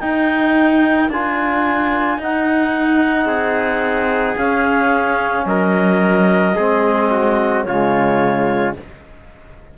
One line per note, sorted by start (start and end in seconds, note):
0.00 1.10 D#4
0.00 3.26 A#4
0.00 1.09 G5
1.10 2.18 D4
1.10 2.20 F4
1.10 2.21 G#5
2.18 3.26 D#4
2.18 4.37 D#4
2.18 4.38 F#5
3.26 4.35 C4
3.26 5.45 G#4
4.37 6.56 C#4
4.37 5.46 C#4
4.37 5.47 F5
5.46 6.55 F#3
5.46 6.56 A#4
5.46 7.64 D#5
6.56 7.67 G#3
6.56 7.68 C4
6.56 7.10 G#4
7.12 7.66 F#4
7.64 8.76 C#3
7.64 8.78 G#3
7.64 8.77 F4
7.64 8.73 C#5